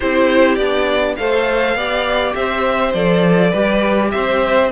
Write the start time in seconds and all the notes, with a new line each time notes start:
0.00 C4 E4 G4 C5
0.55 B3 D4 D5
1.16 A3 A4 C5 F5
1.74 B3 G4 D5
2.34 C4 C5 E5
2.93 F3 A4 D5
3.50 G3 G4 B4
4.10 C4 C5 E5